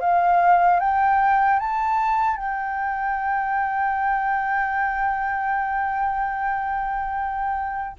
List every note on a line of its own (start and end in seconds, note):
0.00 0.80 F5
0.80 1.59 G5
1.59 2.36 A5
2.36 7.96 G5